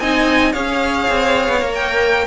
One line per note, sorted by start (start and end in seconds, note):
0.00 0.54 C4
0.00 0.54 D#4
0.00 0.53 D#5
0.00 0.53 G#5
0.53 1.08 C#4
0.53 1.61 G#4
0.53 2.27 C#5
0.53 1.73 F5
1.08 1.49 C4
1.49 1.62 B3
1.62 2.27 A#3
1.62 2.27 A#4
1.75 2.27 G5